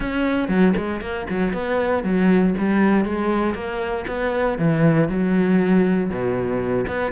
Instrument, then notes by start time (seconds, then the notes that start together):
cello
0.00 C#4
0.48 F#3
0.77 G#3
1.01 A#3
1.29 F#3
1.53 B3
2.03 F#3
2.58 G3
3.04 G#3
3.54 A#3
4.07 B3
4.58 E3
5.08 F#3
6.09 B2
6.87 B3